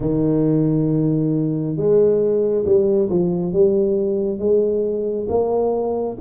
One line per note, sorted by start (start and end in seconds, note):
0.00 1.76 D#3
1.76 2.65 G#3
2.65 3.09 G3
3.09 3.53 F3
3.53 4.38 G3
4.38 5.27 G#3
5.29 6.17 A#3